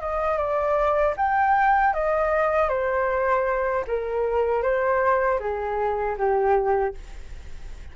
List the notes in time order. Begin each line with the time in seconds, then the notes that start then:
0.00 D#5
0.37 D5
1.17 G5
1.94 D#5
2.69 C5
3.87 A#4
4.62 C5
5.40 G#4
6.17 G4